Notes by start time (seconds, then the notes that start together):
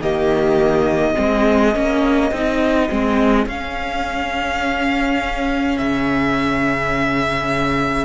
0.00 D#3 A#3 G4 D#5
1.16 G#3 C4 G#4
1.75 A#3 C#4
2.32 C4 D#4
2.90 G#3 C4
3.47 C#4 F5
5.78 C#3 E5